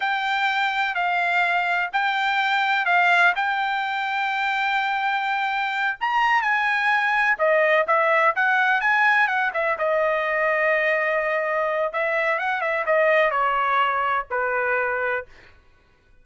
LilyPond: \new Staff \with { instrumentName = "trumpet" } { \time 4/4 \tempo 4 = 126 g''2 f''2 | g''2 f''4 g''4~ | g''1~ | g''8 ais''4 gis''2 dis''8~ |
dis''8 e''4 fis''4 gis''4 fis''8 | e''8 dis''2.~ dis''8~ | dis''4 e''4 fis''8 e''8 dis''4 | cis''2 b'2 | }